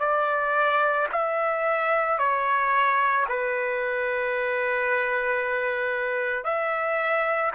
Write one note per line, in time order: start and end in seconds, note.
0.00 1.07 D5
1.12 2.18 E5
2.18 3.25 C#5
3.28 6.44 B4
6.44 7.51 E5